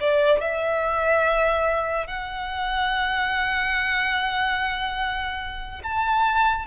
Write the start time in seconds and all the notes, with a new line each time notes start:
0.00 D5
0.41 E5
2.07 F#5
5.83 A5